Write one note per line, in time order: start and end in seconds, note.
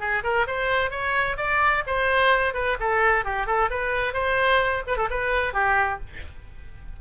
0.00 0.23 G#4
0.23 0.47 A#4
0.47 0.91 C5
0.91 1.37 C#5
1.37 1.83 D5
1.87 2.54 C5
2.54 2.77 B4
2.80 3.25 A4
3.25 3.47 G4
3.47 3.70 A4
3.70 4.13 B4
4.13 4.83 C5
4.87 4.97 B4
4.97 5.09 A4
5.10 5.53 B4
5.53 6.00 G4